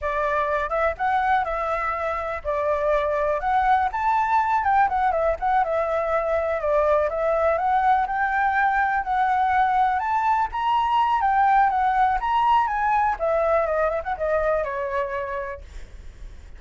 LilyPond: \new Staff \with { instrumentName = "flute" } { \time 4/4 \tempo 4 = 123 d''4. e''8 fis''4 e''4~ | e''4 d''2 fis''4 | a''4. g''8 fis''8 e''8 fis''8 e''8~ | e''4. d''4 e''4 fis''8~ |
fis''8 g''2 fis''4.~ | fis''8 a''4 ais''4. g''4 | fis''4 ais''4 gis''4 e''4 | dis''8 e''16 fis''16 dis''4 cis''2 | }